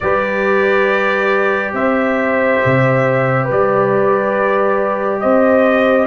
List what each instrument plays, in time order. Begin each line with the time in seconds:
0.00 tuba G3, trombone G4, horn B4, trumpet D5
1.72 tuba C4, horn C5, trumpet E5
2.65 tuba C3
3.44 horn B4
3.50 tuba G3, trumpet D5
5.20 tuba C4, horn C5, trumpet D#5